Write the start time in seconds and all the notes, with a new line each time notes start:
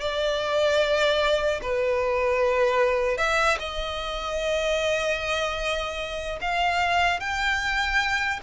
0.00 D5
1.61 B4
3.17 E5
3.59 D#5
6.41 F5
7.20 G5